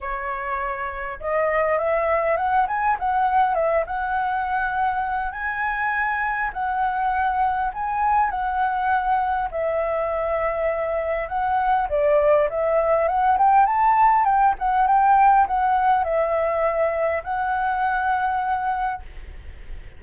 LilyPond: \new Staff \with { instrumentName = "flute" } { \time 4/4 \tempo 4 = 101 cis''2 dis''4 e''4 | fis''8 gis''8 fis''4 e''8 fis''4.~ | fis''4 gis''2 fis''4~ | fis''4 gis''4 fis''2 |
e''2. fis''4 | d''4 e''4 fis''8 g''8 a''4 | g''8 fis''8 g''4 fis''4 e''4~ | e''4 fis''2. | }